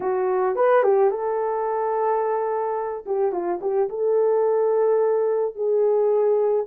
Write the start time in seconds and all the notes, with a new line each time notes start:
0.00 F#4
0.55 B4
0.83 G4
1.10 A4
3.06 G4
3.32 F4
3.61 G4
3.89 A4
5.55 G#4